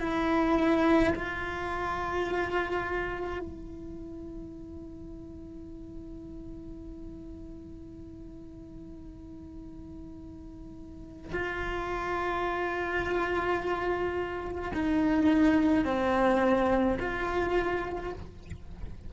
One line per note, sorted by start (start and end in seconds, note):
0.00 1.13 E4
1.15 3.39 F4
3.39 11.32 E4
11.32 14.72 F4
14.73 15.84 D#4
15.84 16.98 C4
16.99 18.12 F4